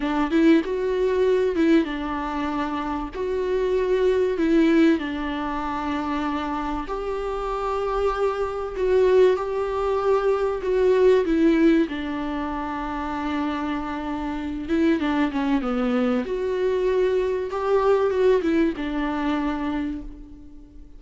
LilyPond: \new Staff \with { instrumentName = "viola" } { \time 4/4 \tempo 4 = 96 d'8 e'8 fis'4. e'8 d'4~ | d'4 fis'2 e'4 | d'2. g'4~ | g'2 fis'4 g'4~ |
g'4 fis'4 e'4 d'4~ | d'2.~ d'8 e'8 | d'8 cis'8 b4 fis'2 | g'4 fis'8 e'8 d'2 | }